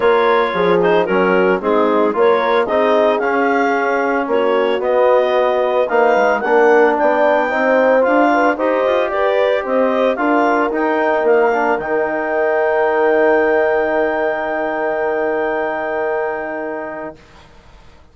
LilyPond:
<<
  \new Staff \with { instrumentName = "clarinet" } { \time 4/4 \tempo 4 = 112 cis''4. c''8 ais'4 gis'4 | cis''4 dis''4 f''2 | cis''4 dis''2 f''4 | fis''4 g''2 f''4 |
dis''4 d''4 dis''4 f''4 | g''4 f''4 g''2~ | g''1~ | g''1 | }
  \new Staff \with { instrumentName = "horn" } { \time 4/4 ais'4 gis'4 fis'4 dis'4 | ais'4 gis'2. | fis'2. b'4 | ais'4 d''4 c''4. b'8 |
c''4 b'4 c''4 ais'4~ | ais'1~ | ais'1~ | ais'1 | }
  \new Staff \with { instrumentName = "trombone" } { \time 4/4 f'4. dis'8 cis'4 c'4 | f'4 dis'4 cis'2~ | cis'4 b2 dis'4 | d'2 dis'4 f'4 |
g'2. f'4 | dis'4. d'8 dis'2~ | dis'1~ | dis'1 | }
  \new Staff \with { instrumentName = "bassoon" } { \time 4/4 ais4 f4 fis4 gis4 | ais4 c'4 cis'2 | ais4 b2 ais8 gis8 | ais4 b4 c'4 d'4 |
dis'8 f'8 g'4 c'4 d'4 | dis'4 ais4 dis2~ | dis1~ | dis1 | }
>>